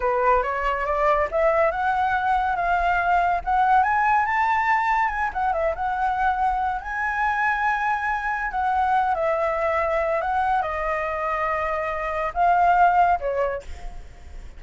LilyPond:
\new Staff \with { instrumentName = "flute" } { \time 4/4 \tempo 4 = 141 b'4 cis''4 d''4 e''4 | fis''2 f''2 | fis''4 gis''4 a''2 | gis''8 fis''8 e''8 fis''2~ fis''8 |
gis''1 | fis''4. e''2~ e''8 | fis''4 dis''2.~ | dis''4 f''2 cis''4 | }